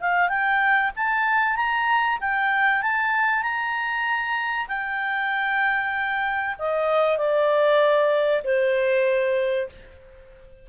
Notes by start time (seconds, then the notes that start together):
0.00 F5
0.29 G5
0.96 A5
1.56 A#5
2.20 G5
2.82 A5
3.42 A#5
4.68 G5
6.59 D#5
7.18 D5
8.44 C5